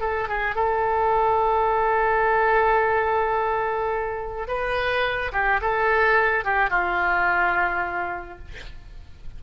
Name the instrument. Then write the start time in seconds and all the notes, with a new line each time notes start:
oboe
0.00 A4
0.28 G#4
0.55 A4
4.47 B4
5.32 G4
5.61 A4
6.44 G4
6.70 F4